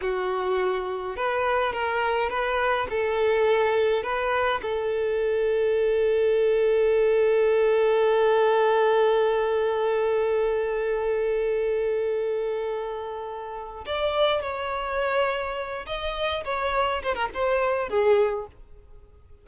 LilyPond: \new Staff \with { instrumentName = "violin" } { \time 4/4 \tempo 4 = 104 fis'2 b'4 ais'4 | b'4 a'2 b'4 | a'1~ | a'1~ |
a'1~ | a'1 | d''4 cis''2~ cis''8 dis''8~ | dis''8 cis''4 c''16 ais'16 c''4 gis'4 | }